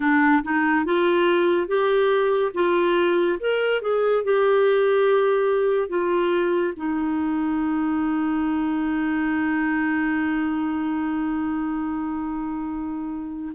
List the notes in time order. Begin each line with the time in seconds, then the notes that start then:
0.00 D4
0.43 D#4
0.85 F4
1.67 G4
2.54 F4
3.39 A#4
3.81 G#4
4.23 G4
5.88 F4
6.76 D#4